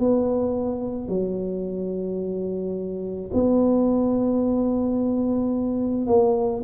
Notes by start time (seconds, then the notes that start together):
0.00 B3
1.09 F#3
3.34 B3
6.07 A#3